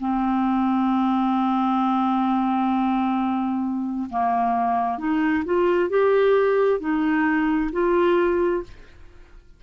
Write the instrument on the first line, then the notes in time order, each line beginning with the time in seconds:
clarinet
0.00 C4
4.10 A#3
4.98 D#4
5.45 F4
5.90 G4
6.80 D#4
7.72 F4